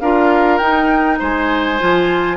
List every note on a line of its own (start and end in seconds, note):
0.00 0.60 D4
0.00 0.61 F4
0.00 1.19 A#4
0.00 0.58 F5
0.58 1.20 D#4
0.58 1.80 D#4
0.58 1.17 G5
1.19 1.81 G#3
1.19 2.37 C5
1.19 2.37 G#5
1.80 2.37 F3
1.80 2.37 F4